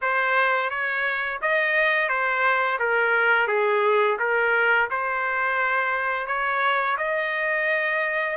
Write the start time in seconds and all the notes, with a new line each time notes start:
0.01 C5
0.69 C#5
1.41 D#5
2.08 C5
2.79 A#4
3.47 G#4
4.19 A#4
4.90 C5
6.27 C#5
6.97 D#5